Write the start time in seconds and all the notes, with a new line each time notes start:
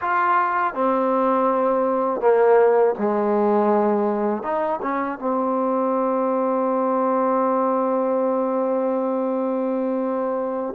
0.01 F4
0.74 C4
2.20 A#3
2.98 G#3
4.42 D#4
4.82 C#4
5.19 C4